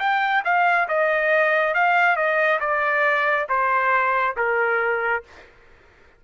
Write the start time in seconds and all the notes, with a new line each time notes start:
0.00 G5
0.45 F5
0.89 D#5
1.75 F5
2.17 D#5
2.60 D5
3.49 C5
4.37 A#4